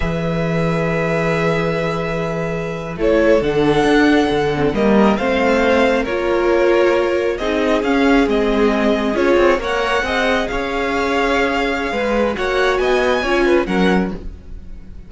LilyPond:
<<
  \new Staff \with { instrumentName = "violin" } { \time 4/4 \tempo 4 = 136 e''1~ | e''2~ e''8. cis''4 fis''16~ | fis''2~ fis''8. dis''4 f''16~ | f''4.~ f''16 cis''2~ cis''16~ |
cis''8. dis''4 f''4 dis''4~ dis''16~ | dis''8. cis''4 fis''2 f''16~ | f''1 | fis''4 gis''2 fis''4 | }
  \new Staff \with { instrumentName = "violin" } { \time 4/4 b'1~ | b'2~ b'8. a'4~ a'16~ | a'2~ a'8. ais'4 c''16~ | c''4.~ c''16 ais'2~ ais'16~ |
ais'8. gis'2.~ gis'16~ | gis'4.~ gis'16 cis''4 dis''4 cis''16~ | cis''2. b'4 | cis''4 dis''4 cis''8 b'8 ais'4 | }
  \new Staff \with { instrumentName = "viola" } { \time 4/4 gis'1~ | gis'2~ gis'8. e'4 d'16~ | d'2~ d'16 c'8 ais4 c'16~ | c'4.~ c'16 f'2~ f'16~ |
f'8. dis'4 cis'4 c'4~ c'16~ | c'8. f'4 ais'4 gis'4~ gis'16~ | gis'1 | fis'2 f'4 cis'4 | }
  \new Staff \with { instrumentName = "cello" } { \time 4/4 e1~ | e2~ e8. a4 d16~ | d8. d'4 d4 g4 a16~ | a4.~ a16 ais2~ ais16~ |
ais8. c'4 cis'4 gis4~ gis16~ | gis8. cis'8 c'8 ais4 c'4 cis'16~ | cis'2. gis4 | ais4 b4 cis'4 fis4 | }
>>